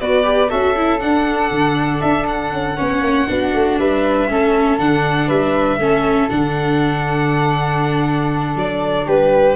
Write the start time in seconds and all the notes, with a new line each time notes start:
0.00 B3 F#4 B4 D5
0.23 G4
0.49 C#4 F#4 A4 E5
0.76 E4
0.99 D4 F#5
1.50 D3
2.01 D4 E5
2.27 F#5
2.51 C#4
2.76 B3 C#4 C#5
3.01 A#3
3.27 B3 D4 F#4
3.53 A3
3.78 G3 B4 E5
4.28 A3 C#4 A4
4.78 D3 D4 F#5
5.27 G3 B4 E5
5.78 A3 C#4 A4
6.29 D3 D4 F#5
8.55 F#3 D5
9.05 G3 G4 B4